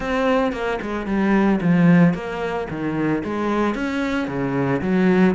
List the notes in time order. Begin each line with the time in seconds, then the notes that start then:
0.00 C4
0.52 A#3
0.81 G#3
1.06 G3
1.61 F3
2.14 A#3
2.69 D#3
3.24 G#3
3.75 C#4
4.27 C#3
4.81 F#3